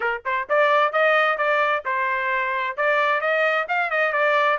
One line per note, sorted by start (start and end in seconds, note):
0.00 0.22 A#4
0.25 0.48 C5
0.49 0.92 D5
0.92 1.37 D#5
1.37 1.83 D5
1.85 2.76 C5
2.76 3.20 D5
3.20 3.66 D#5
3.68 3.90 F5
3.90 4.12 D#5
4.12 4.58 D5